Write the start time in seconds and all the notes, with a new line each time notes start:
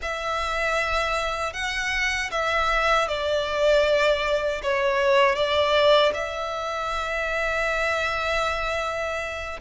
0.02 E5
1.53 F#5
2.31 E5
3.08 D5
4.63 C#5
5.35 D5
6.14 E5